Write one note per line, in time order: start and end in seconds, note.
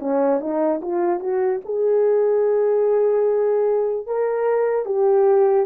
0.00 0.41 C#4
0.41 0.81 D#4
0.82 1.20 F4
1.20 1.61 F#4
1.65 4.07 G#4
4.07 4.86 A#4
4.86 5.67 G4